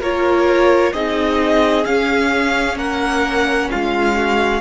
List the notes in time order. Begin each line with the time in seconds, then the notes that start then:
0.00 A#3 F4 A#4 C#5
0.93 C4 D#4 G#4 D#5
1.84 C#4 F5
2.76 A#3 A#4 F#5
3.71 G#3 F4 F5
4.16 F#4